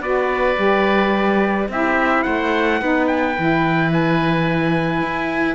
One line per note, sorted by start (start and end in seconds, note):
0.00 0.56 B3
0.00 0.56 F#4
0.00 1.69 B4
0.00 1.68 D5
0.56 1.68 G3
0.56 1.67 G4
1.68 2.24 C4
1.68 2.81 E4
1.68 2.25 G4
1.68 2.23 E5
2.23 2.81 A3
2.23 2.80 C5
2.23 3.06 F#5
2.81 3.37 B3
2.81 3.36 D#4
2.81 5.55 B4
3.07 3.91 G5
3.36 5.02 E3
3.36 5.55 E4
3.92 5.55 G#5
5.02 5.55 E4